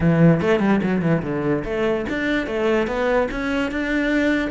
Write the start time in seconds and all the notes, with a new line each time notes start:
0.00 E3
0.41 A3
0.59 G3
0.82 F#3
1.01 E3
1.22 D3
1.64 A3
2.09 D4
2.47 A3
2.87 B3
3.31 C#4
3.71 D4